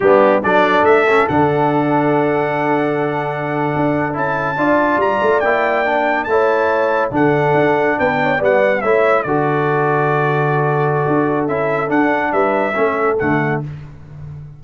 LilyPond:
<<
  \new Staff \with { instrumentName = "trumpet" } { \time 4/4 \tempo 4 = 141 g'4 d''4 e''4 fis''4~ | fis''1~ | fis''4.~ fis''16 a''2 ais''16~ | ais''8. g''2 a''4~ a''16~ |
a''8. fis''2 g''4 fis''16~ | fis''8. e''4 d''2~ d''16~ | d''2. e''4 | fis''4 e''2 fis''4 | }
  \new Staff \with { instrumentName = "horn" } { \time 4/4 d'4 a'2.~ | a'1~ | a'2~ a'8. d''4~ d''16~ | d''2~ d''8. cis''4~ cis''16~ |
cis''8. a'2 b'8 cis''8 d''16~ | d''8. cis''4 a'2~ a'16~ | a'1~ | a'4 b'4 a'2 | }
  \new Staff \with { instrumentName = "trombone" } { \time 4/4 b4 d'4. cis'8 d'4~ | d'1~ | d'4.~ d'16 e'4 f'4~ f'16~ | f'8. e'4 d'4 e'4~ e'16~ |
e'8. d'2. b16~ | b8. e'4 fis'2~ fis'16~ | fis'2. e'4 | d'2 cis'4 a4 | }
  \new Staff \with { instrumentName = "tuba" } { \time 4/4 g4 fis4 a4 d4~ | d1~ | d8. d'4 cis'4 d'4 g16~ | g16 a8 ais2 a4~ a16~ |
a8. d4 d'4 b4 g16~ | g8. a4 d2~ d16~ | d2 d'4 cis'4 | d'4 g4 a4 d4 | }
>>